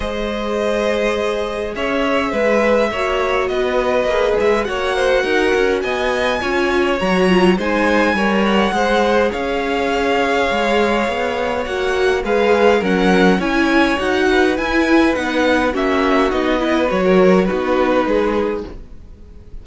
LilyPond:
<<
  \new Staff \with { instrumentName = "violin" } { \time 4/4 \tempo 4 = 103 dis''2. e''4~ | e''2 dis''4. e''8 | fis''2 gis''2 | ais''4 gis''4. fis''4. |
f''1 | fis''4 f''4 fis''4 gis''4 | fis''4 gis''4 fis''4 e''4 | dis''4 cis''4 b'2 | }
  \new Staff \with { instrumentName = "violin" } { \time 4/4 c''2. cis''4 | b'4 cis''4 b'2 | cis''8 c''8 ais'4 dis''4 cis''4~ | cis''4 c''4 cis''4 c''4 |
cis''1~ | cis''4 b'4 ais'4 cis''4~ | cis''8 b'2~ b'8 fis'4~ | fis'8 b'8. ais'8. fis'4 gis'4 | }
  \new Staff \with { instrumentName = "viola" } { \time 4/4 gis'1~ | gis'4 fis'2 gis'4 | fis'2. f'4 | fis'8 f'8 dis'4 ais'4 gis'4~ |
gis'1 | fis'4 gis'4 cis'4 e'4 | fis'4 e'4 dis'4 cis'4 | dis'8 e'8 fis'4 dis'2 | }
  \new Staff \with { instrumentName = "cello" } { \time 4/4 gis2. cis'4 | gis4 ais4 b4 ais8 gis8 | ais4 dis'8 cis'8 b4 cis'4 | fis4 gis4 g4 gis4 |
cis'2 gis4 b4 | ais4 gis4 fis4 cis'4 | dis'4 e'4 b4 ais4 | b4 fis4 b4 gis4 | }
>>